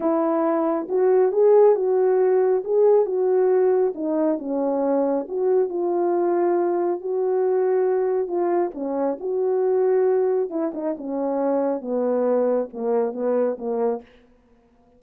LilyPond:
\new Staff \with { instrumentName = "horn" } { \time 4/4 \tempo 4 = 137 e'2 fis'4 gis'4 | fis'2 gis'4 fis'4~ | fis'4 dis'4 cis'2 | fis'4 f'2. |
fis'2. f'4 | cis'4 fis'2. | e'8 dis'8 cis'2 b4~ | b4 ais4 b4 ais4 | }